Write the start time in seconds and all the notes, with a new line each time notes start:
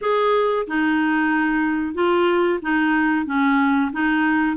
0.01 G#4
0.67 D#4
1.94 F4
2.62 D#4
3.25 C#4
3.92 D#4